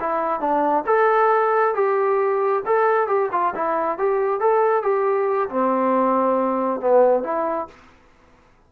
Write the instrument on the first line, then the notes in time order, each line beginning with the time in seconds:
trombone
0.00 E4
0.40 D4
0.86 A4
1.74 G4
2.66 A4
3.07 G4
3.31 F4
3.55 E4
3.98 G4
4.40 A4
4.82 G4
5.49 C4
6.80 B3
7.23 E4